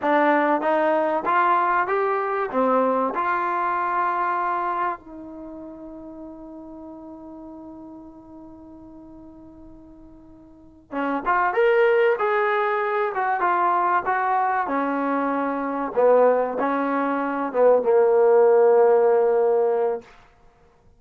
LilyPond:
\new Staff \with { instrumentName = "trombone" } { \time 4/4 \tempo 4 = 96 d'4 dis'4 f'4 g'4 | c'4 f'2. | dis'1~ | dis'1~ |
dis'4. cis'8 f'8 ais'4 gis'8~ | gis'4 fis'8 f'4 fis'4 cis'8~ | cis'4. b4 cis'4. | b8 ais2.~ ais8 | }